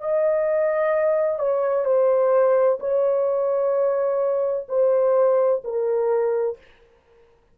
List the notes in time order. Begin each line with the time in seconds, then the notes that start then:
0.00 D#5
1.39 C#5
1.85 C5
2.79 C#5
4.68 C5
5.64 A#4